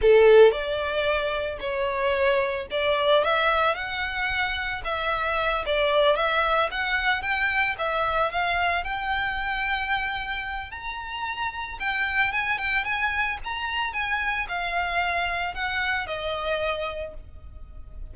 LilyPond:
\new Staff \with { instrumentName = "violin" } { \time 4/4 \tempo 4 = 112 a'4 d''2 cis''4~ | cis''4 d''4 e''4 fis''4~ | fis''4 e''4. d''4 e''8~ | e''8 fis''4 g''4 e''4 f''8~ |
f''8 g''2.~ g''8 | ais''2 g''4 gis''8 g''8 | gis''4 ais''4 gis''4 f''4~ | f''4 fis''4 dis''2 | }